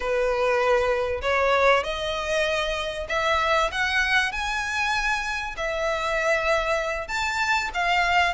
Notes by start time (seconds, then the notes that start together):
0.00 B4
1.21 C#5
1.83 D#5
3.08 E5
3.71 F#5
4.32 G#5
5.57 E5
7.08 A5
7.74 F5